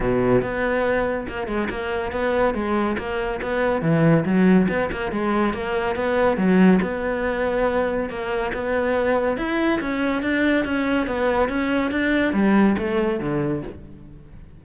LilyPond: \new Staff \with { instrumentName = "cello" } { \time 4/4 \tempo 4 = 141 b,4 b2 ais8 gis8 | ais4 b4 gis4 ais4 | b4 e4 fis4 b8 ais8 | gis4 ais4 b4 fis4 |
b2. ais4 | b2 e'4 cis'4 | d'4 cis'4 b4 cis'4 | d'4 g4 a4 d4 | }